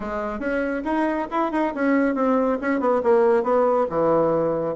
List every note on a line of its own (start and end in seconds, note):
0.00 0.39 G#3
0.39 0.82 C#4
0.84 1.27 D#4
1.31 1.51 E4
1.51 1.73 D#4
1.74 2.14 C#4
2.14 2.58 C4
2.61 2.80 C#4
2.80 3.01 B3
3.03 3.43 A#3
3.43 3.86 B3
3.89 4.75 E3